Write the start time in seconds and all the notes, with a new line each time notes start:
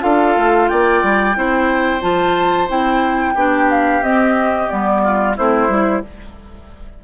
0.00 D4 F4 A4 F5
0.36 A3
0.68 A#3 D5 G5
1.02 G3
1.35 C4 E4 C5
2.01 F3 F4 A5
2.68 C4 E4 G5
3.34 B3 D4 G4
3.70 F5
4.01 C4 D#5
4.69 G3 B3 D5
5.03 F4
5.36 A3 C4 E4 C5
5.68 G3 E4